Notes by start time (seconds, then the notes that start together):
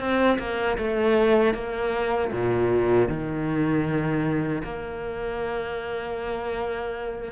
0.00 C4
0.39 A#3
0.78 A3
1.55 A#3
2.32 A#2
3.09 D#3
4.64 A#3